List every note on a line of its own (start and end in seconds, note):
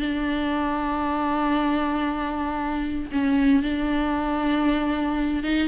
0.00 3.10 D4
3.12 3.63 C#4
3.63 5.44 D4
5.44 5.68 D#4